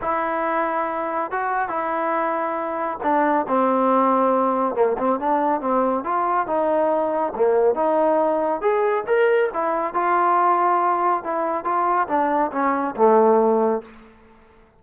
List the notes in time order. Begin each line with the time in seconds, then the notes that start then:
0.01 E4
1.31 F#4
1.69 E4
3.03 D4
3.47 C4
4.75 A#3
4.98 C4
5.19 D4
5.60 C4
6.04 F4
6.46 D#4
7.35 A#3
7.75 D#4
8.61 G#4
9.06 A#4
9.53 E4
9.94 F4
11.23 E4
11.64 F4
12.07 D4
12.52 C#4
12.95 A3